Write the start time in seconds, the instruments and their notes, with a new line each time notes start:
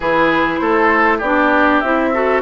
0.00 bassoon E3, clarinet E4, oboe G#4, flute B4
0.57 bassoon A3, oboe A4, flute C5
1.18 bassoon B3, oboe G4, flute D5
1.24 clarinet D4
1.80 bassoon C4, clarinet E4, flute E5
2.13 clarinet F#4, oboe A4